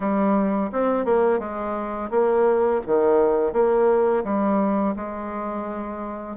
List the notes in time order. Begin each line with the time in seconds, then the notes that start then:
0.00 G3
0.72 C4
1.05 A#3
1.39 G#3
2.10 A#3
2.86 D#3
3.53 A#3
4.24 G3
4.95 G#3